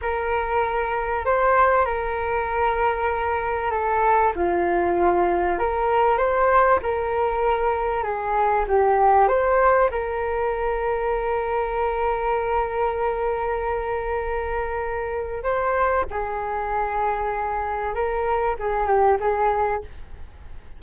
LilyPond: \new Staff \with { instrumentName = "flute" } { \time 4/4 \tempo 4 = 97 ais'2 c''4 ais'4~ | ais'2 a'4 f'4~ | f'4 ais'4 c''4 ais'4~ | ais'4 gis'4 g'4 c''4 |
ais'1~ | ais'1~ | ais'4 c''4 gis'2~ | gis'4 ais'4 gis'8 g'8 gis'4 | }